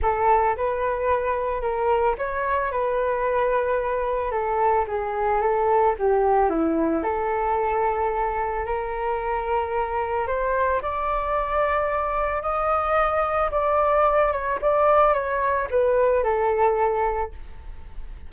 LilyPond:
\new Staff \with { instrumentName = "flute" } { \time 4/4 \tempo 4 = 111 a'4 b'2 ais'4 | cis''4 b'2. | a'4 gis'4 a'4 g'4 | e'4 a'2. |
ais'2. c''4 | d''2. dis''4~ | dis''4 d''4. cis''8 d''4 | cis''4 b'4 a'2 | }